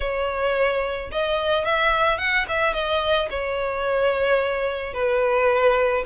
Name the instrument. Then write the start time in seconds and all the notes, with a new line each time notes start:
violin
0.00 C#5
1.11 D#5
1.64 E5
2.17 F#5
2.48 E5
2.73 D#5
3.30 C#5
4.93 B4